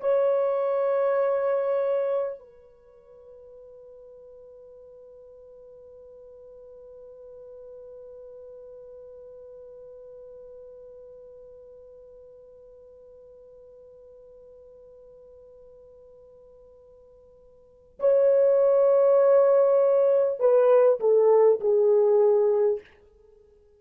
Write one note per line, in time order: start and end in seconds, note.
0.00 2.39 C#5
2.39 17.99 B4
17.99 20.39 C#5
20.39 20.99 B4
21.00 21.60 A4
21.60 22.80 G#4